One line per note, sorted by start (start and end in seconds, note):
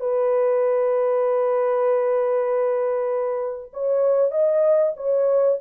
0.00 3.71 B4
3.73 4.31 C#5
4.31 4.93 D#5
4.97 5.58 C#5